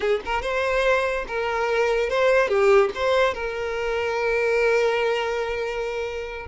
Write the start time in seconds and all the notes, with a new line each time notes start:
0.00 G#4
0.25 A#4
0.42 C5
1.27 A#4
2.09 C5
2.48 G4
2.94 C5
3.34 A#4